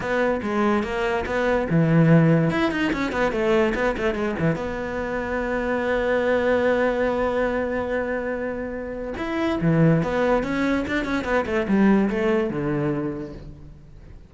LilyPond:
\new Staff \with { instrumentName = "cello" } { \time 4/4 \tempo 4 = 144 b4 gis4 ais4 b4 | e2 e'8 dis'8 cis'8 b8 | a4 b8 a8 gis8 e8 b4~ | b1~ |
b1~ | b2 e'4 e4 | b4 cis'4 d'8 cis'8 b8 a8 | g4 a4 d2 | }